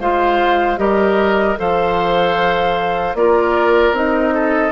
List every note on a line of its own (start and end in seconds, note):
0.00 0.78 G#3
0.00 0.77 F4
0.00 0.80 C5
0.00 0.79 F5
0.77 1.57 G3
0.77 1.56 G4
0.77 1.59 A#4
0.77 1.58 D#5
1.57 3.15 F3
1.57 3.15 A4
1.57 3.18 C5
1.57 3.17 F5
3.15 3.93 A#3
3.15 3.94 F4
3.15 4.35 A#4
3.15 3.96 D5
3.93 4.72 C4
3.93 4.72 D#4
3.93 4.72 D#5
4.35 4.72 A4